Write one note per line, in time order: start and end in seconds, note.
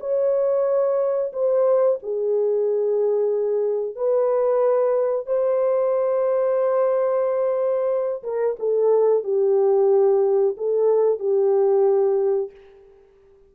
0.00 1.32 C#5
1.33 1.99 C5
2.03 3.96 G#4
3.96 5.26 B4
5.26 8.23 C5
8.23 8.56 A#4
8.59 9.24 A4
9.24 10.56 G4
10.57 11.19 A4
11.19 12.51 G4